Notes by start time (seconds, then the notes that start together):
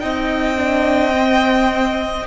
0.00 C4 D#4 D#5 G5
0.57 D4
1.13 C4